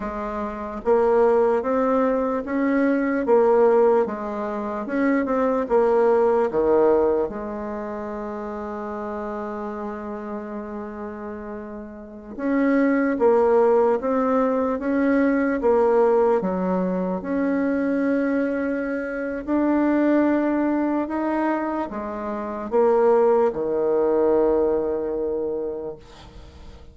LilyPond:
\new Staff \with { instrumentName = "bassoon" } { \time 4/4 \tempo 4 = 74 gis4 ais4 c'4 cis'4 | ais4 gis4 cis'8 c'8 ais4 | dis4 gis2.~ | gis2.~ gis16 cis'8.~ |
cis'16 ais4 c'4 cis'4 ais8.~ | ais16 fis4 cis'2~ cis'8. | d'2 dis'4 gis4 | ais4 dis2. | }